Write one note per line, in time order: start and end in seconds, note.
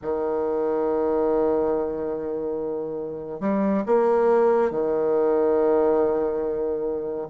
0.02 3.40 D#3
3.40 3.83 G3
3.86 4.71 A#3
4.71 7.28 D#3